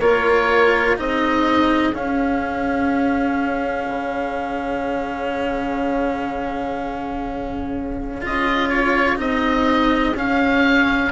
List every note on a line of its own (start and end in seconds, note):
0.00 0.97 A#3
0.00 0.97 F4
0.00 0.96 A#4
0.00 0.97 C#5
0.96 1.93 C4
0.96 1.94 D#4
0.96 11.12 G#4
0.96 1.95 D#5
1.93 3.87 C#4
1.93 8.21 C#4
1.93 8.24 F5
3.89 8.25 C#3
8.21 9.19 C#4
8.21 9.17 F4
8.21 8.69 D#5
8.69 9.17 C#5
9.17 10.15 C4
9.17 10.13 D#4
9.17 10.17 D#5
10.15 11.12 C#4
10.15 11.12 F5